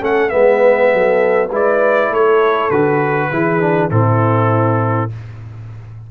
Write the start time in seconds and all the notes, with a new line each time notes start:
0.00 A3 C#4 A4 F#5
0.29 G#3 B3 B4 E5
0.93 F#3 A4
1.49 G#3 E4 B4 D5
2.09 A3 A4 C#5
2.70 D3 F#4 B4
3.31 E3 E4 G#4
3.60 D4
3.90 A2 C4 E4 A4